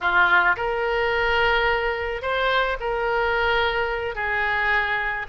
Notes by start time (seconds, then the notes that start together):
0.00 F4
0.56 A#4
2.21 C5
2.80 A#4
4.15 G#4